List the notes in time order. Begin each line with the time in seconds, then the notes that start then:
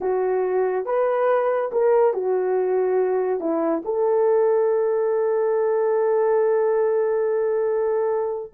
0.00 F#4
0.85 B4
1.72 A#4
2.13 F#4
3.39 E4
3.84 A4